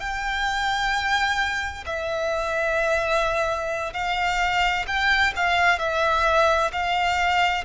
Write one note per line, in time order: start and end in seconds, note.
0.00 1.85 G5
1.86 3.94 E5
3.94 4.86 F5
4.87 5.33 G5
5.36 5.79 F5
5.79 6.72 E5
6.73 7.65 F5